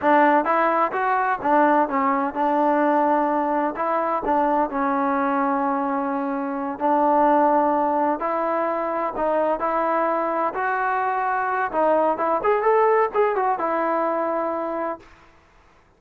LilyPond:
\new Staff \with { instrumentName = "trombone" } { \time 4/4 \tempo 4 = 128 d'4 e'4 fis'4 d'4 | cis'4 d'2. | e'4 d'4 cis'2~ | cis'2~ cis'8 d'4.~ |
d'4. e'2 dis'8~ | dis'8 e'2 fis'4.~ | fis'4 dis'4 e'8 gis'8 a'4 | gis'8 fis'8 e'2. | }